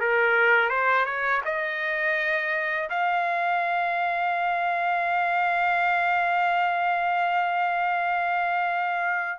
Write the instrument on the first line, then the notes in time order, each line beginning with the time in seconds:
trumpet
0.00 A#4
0.69 C5
1.05 C#5
1.45 D#5
2.89 F5